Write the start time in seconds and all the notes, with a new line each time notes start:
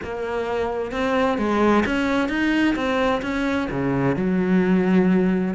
0.03 A#3
0.91 C4
1.38 G#3
1.85 C#4
2.28 D#4
2.75 C4
3.22 C#4
3.70 C#3
4.15 F#3